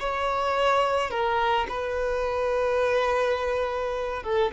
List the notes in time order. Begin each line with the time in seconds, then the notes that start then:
0.00 C#5
1.11 A#4
1.69 B4
4.24 A4